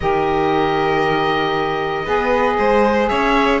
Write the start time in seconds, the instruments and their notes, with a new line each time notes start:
0.00 cello D#3, saxophone G4, violin A#4, oboe D#5
2.04 cello B3, saxophone G#4, violin B4
2.58 cello G#3, violin C5
3.08 cello C#4, violin C#5, oboe E5